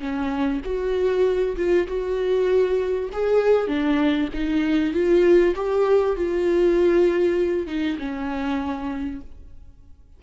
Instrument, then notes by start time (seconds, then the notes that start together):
viola
0.00 C#4
0.65 F#4
1.57 F4
1.88 F#4
3.13 G#4
3.68 D4
4.34 D#4
4.94 F4
5.55 G4
6.16 F4
7.67 D#4
7.99 C#4